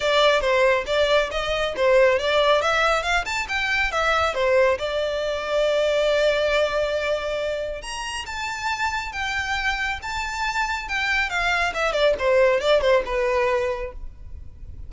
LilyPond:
\new Staff \with { instrumentName = "violin" } { \time 4/4 \tempo 4 = 138 d''4 c''4 d''4 dis''4 | c''4 d''4 e''4 f''8 a''8 | g''4 e''4 c''4 d''4~ | d''1~ |
d''2 ais''4 a''4~ | a''4 g''2 a''4~ | a''4 g''4 f''4 e''8 d''8 | c''4 d''8 c''8 b'2 | }